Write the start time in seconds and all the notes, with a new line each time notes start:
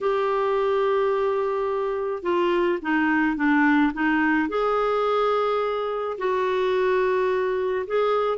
0.00 G4
2.22 F4
2.82 D#4
3.36 D4
3.93 D#4
4.49 G#4
6.18 F#4
7.87 G#4